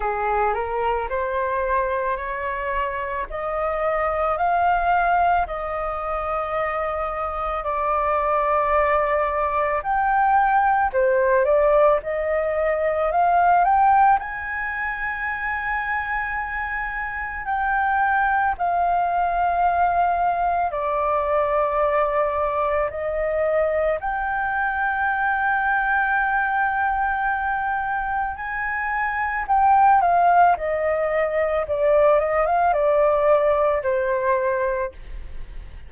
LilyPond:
\new Staff \with { instrumentName = "flute" } { \time 4/4 \tempo 4 = 55 gis'8 ais'8 c''4 cis''4 dis''4 | f''4 dis''2 d''4~ | d''4 g''4 c''8 d''8 dis''4 | f''8 g''8 gis''2. |
g''4 f''2 d''4~ | d''4 dis''4 g''2~ | g''2 gis''4 g''8 f''8 | dis''4 d''8 dis''16 f''16 d''4 c''4 | }